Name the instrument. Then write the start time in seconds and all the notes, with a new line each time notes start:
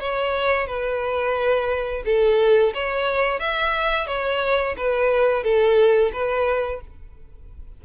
violin
0.00 C#5
0.67 B4
2.05 A4
2.74 C#5
3.40 E5
4.07 C#5
4.78 B4
5.44 A4
6.13 B4